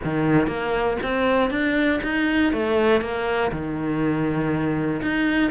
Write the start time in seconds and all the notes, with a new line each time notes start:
0.04 D#3
0.47 A#3
1.02 C4
1.50 D4
2.03 D#4
2.52 A3
3.01 A#3
3.51 D#3
5.02 D#4